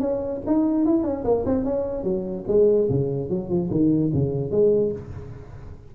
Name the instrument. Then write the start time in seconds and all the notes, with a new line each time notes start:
tuba
0.00 C#4
0.47 D#4
0.86 E4
1.04 C#4
1.24 A#3
1.46 C4
1.65 C#4
2.04 F#3
2.48 G#3
2.90 C#3
3.30 F#3
3.49 F3
3.71 D#3
4.14 C#3
4.51 G#3